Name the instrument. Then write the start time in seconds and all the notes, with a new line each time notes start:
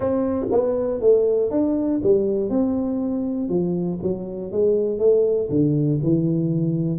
tuba
0.00 C4
0.51 B3
1.00 A3
1.50 D4
2.02 G3
2.49 C4
3.48 F3
4.02 F#3
4.51 G#3
4.99 A3
5.49 D3
6.03 E3